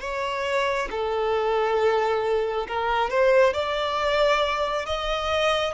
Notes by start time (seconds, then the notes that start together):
0.00 C#5
0.91 A4
2.68 A#4
3.10 C5
3.53 D5
4.86 D#5